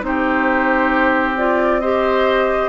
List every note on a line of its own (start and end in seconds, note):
0.00 2.68 C4
0.00 1.34 D#4
0.00 1.37 C5
0.07 1.81 G4
1.37 1.82 F4
1.37 1.79 D5
1.79 2.68 G4
1.79 2.68 C5
1.79 2.68 D#5